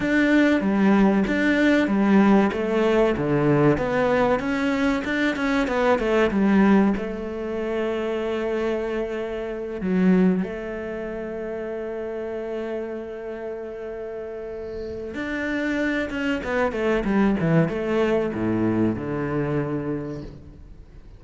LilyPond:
\new Staff \with { instrumentName = "cello" } { \time 4/4 \tempo 4 = 95 d'4 g4 d'4 g4 | a4 d4 b4 cis'4 | d'8 cis'8 b8 a8 g4 a4~ | a2.~ a8 fis8~ |
fis8 a2.~ a8~ | a1 | d'4. cis'8 b8 a8 g8 e8 | a4 a,4 d2 | }